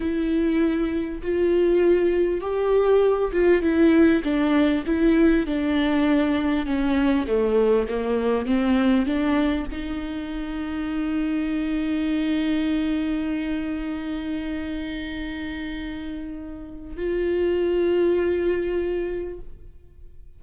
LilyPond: \new Staff \with { instrumentName = "viola" } { \time 4/4 \tempo 4 = 99 e'2 f'2 | g'4. f'8 e'4 d'4 | e'4 d'2 cis'4 | a4 ais4 c'4 d'4 |
dis'1~ | dis'1~ | dis'1 | f'1 | }